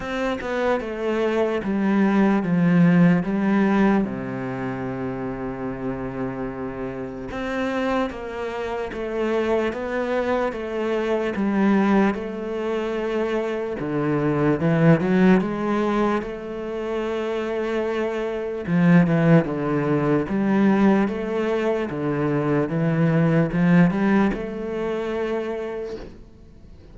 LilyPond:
\new Staff \with { instrumentName = "cello" } { \time 4/4 \tempo 4 = 74 c'8 b8 a4 g4 f4 | g4 c2.~ | c4 c'4 ais4 a4 | b4 a4 g4 a4~ |
a4 d4 e8 fis8 gis4 | a2. f8 e8 | d4 g4 a4 d4 | e4 f8 g8 a2 | }